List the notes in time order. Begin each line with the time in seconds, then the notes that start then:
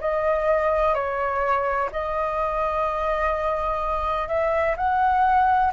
0.00 D#5
0.94 C#5
1.91 D#5
4.28 E5
4.77 F#5